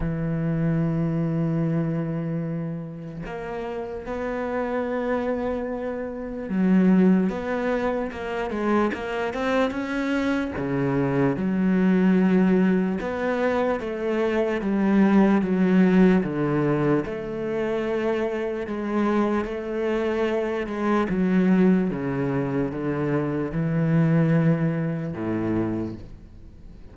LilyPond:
\new Staff \with { instrumentName = "cello" } { \time 4/4 \tempo 4 = 74 e1 | ais4 b2. | fis4 b4 ais8 gis8 ais8 c'8 | cis'4 cis4 fis2 |
b4 a4 g4 fis4 | d4 a2 gis4 | a4. gis8 fis4 cis4 | d4 e2 a,4 | }